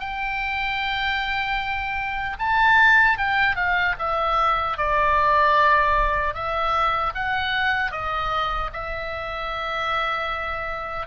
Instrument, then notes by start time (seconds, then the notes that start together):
oboe
0.00 G5
2.39 A5
3.18 G5
3.56 F5
3.99 E5
4.77 D5
6.34 E5
7.14 F#5
7.92 D#5
8.73 E5